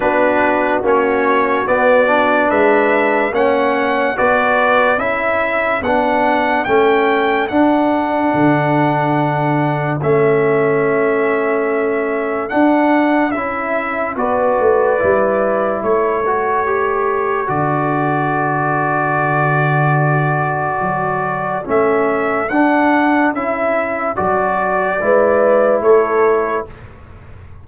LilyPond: <<
  \new Staff \with { instrumentName = "trumpet" } { \time 4/4 \tempo 4 = 72 b'4 cis''4 d''4 e''4 | fis''4 d''4 e''4 fis''4 | g''4 fis''2. | e''2. fis''4 |
e''4 d''2 cis''4~ | cis''4 d''2.~ | d''2 e''4 fis''4 | e''4 d''2 cis''4 | }
  \new Staff \with { instrumentName = "horn" } { \time 4/4 fis'2. b'4 | cis''4 b'4 a'2~ | a'1~ | a'1~ |
a'4 b'2 a'4~ | a'1~ | a'1~ | a'2 b'4 a'4 | }
  \new Staff \with { instrumentName = "trombone" } { \time 4/4 d'4 cis'4 b8 d'4. | cis'4 fis'4 e'4 d'4 | cis'4 d'2. | cis'2. d'4 |
e'4 fis'4 e'4. fis'8 | g'4 fis'2.~ | fis'2 cis'4 d'4 | e'4 fis'4 e'2 | }
  \new Staff \with { instrumentName = "tuba" } { \time 4/4 b4 ais4 b4 gis4 | ais4 b4 cis'4 b4 | a4 d'4 d2 | a2. d'4 |
cis'4 b8 a8 g4 a4~ | a4 d2.~ | d4 fis4 a4 d'4 | cis'4 fis4 gis4 a4 | }
>>